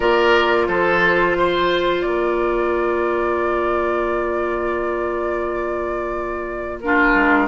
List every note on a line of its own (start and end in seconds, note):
0.00 0.67 A#3
0.00 6.81 F4
0.00 0.66 A#4
0.00 0.67 D5
0.67 2.02 F3
0.67 1.36 A4
0.67 2.01 C5
1.38 2.06 C5
2.01 7.13 A#3
2.01 6.84 A#4
2.01 6.78 D5
6.80 7.48 D4
6.80 7.48 F4
6.80 7.48 A#4
7.14 7.48 G#3